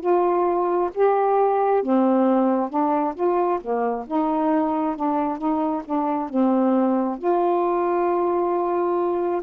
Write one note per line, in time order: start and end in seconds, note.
0.00 0.90 F4
0.94 1.82 G4
1.82 2.69 C4
2.69 3.14 D4
3.15 3.59 F4
3.61 4.05 A#3
4.07 4.95 D#4
4.95 5.37 D4
5.37 5.82 D#4
5.85 6.29 D4
6.29 7.18 C4
7.18 9.42 F4